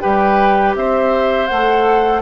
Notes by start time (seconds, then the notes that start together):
0.00 G3 G4 B4 G5
0.75 C4 C5 E5
1.47 A3 A4 F#5